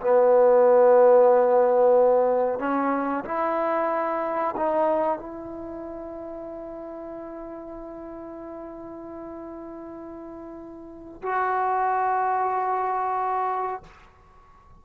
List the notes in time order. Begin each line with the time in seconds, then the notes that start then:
0.00 B3
2.59 C#4
3.24 E4
4.56 D#4
5.18 E4
11.22 F#4